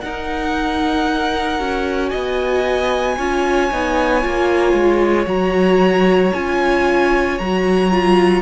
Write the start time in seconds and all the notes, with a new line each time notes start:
0.00 D#4 A#4 F#5
1.59 C#4 F#4
2.09 B3 D#5 G#5
3.17 C#4 F4 C#5
3.71 B3 D#4
4.22 A#3 F4
4.73 G#3
5.27 F#3 F#4 A#5
6.33 C#4 F4 G#5
7.39 F#3 F#4 A#5
7.91 F4